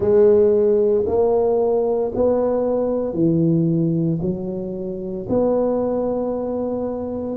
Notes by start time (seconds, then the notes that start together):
0.00 G#3
1.06 A#3
2.14 B3
3.13 E3
4.21 F#3
5.29 B3